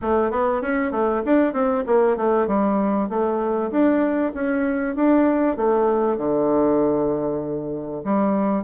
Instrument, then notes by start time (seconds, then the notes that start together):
bassoon
0.01 A3
0.30 B3
0.61 C#4
0.91 A3
1.25 D4
1.53 C4
1.86 A#3
2.16 A3
2.47 G3
3.09 A3
3.71 D4
4.34 C#4
4.95 D4
5.57 A3
6.17 D3
8.04 G3